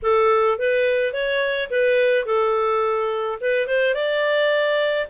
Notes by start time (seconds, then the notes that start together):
0.02 A4
0.58 B4
1.13 C#5
1.70 B4
2.25 A4
3.40 B4
3.67 C5
3.94 D5